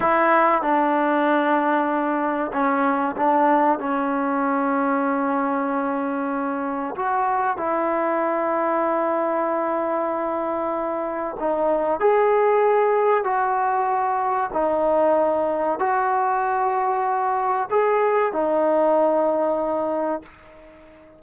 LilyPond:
\new Staff \with { instrumentName = "trombone" } { \time 4/4 \tempo 4 = 95 e'4 d'2. | cis'4 d'4 cis'2~ | cis'2. fis'4 | e'1~ |
e'2 dis'4 gis'4~ | gis'4 fis'2 dis'4~ | dis'4 fis'2. | gis'4 dis'2. | }